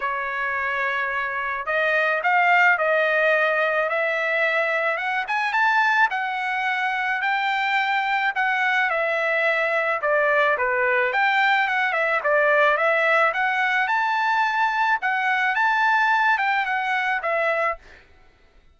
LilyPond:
\new Staff \with { instrumentName = "trumpet" } { \time 4/4 \tempo 4 = 108 cis''2. dis''4 | f''4 dis''2 e''4~ | e''4 fis''8 gis''8 a''4 fis''4~ | fis''4 g''2 fis''4 |
e''2 d''4 b'4 | g''4 fis''8 e''8 d''4 e''4 | fis''4 a''2 fis''4 | a''4. g''8 fis''4 e''4 | }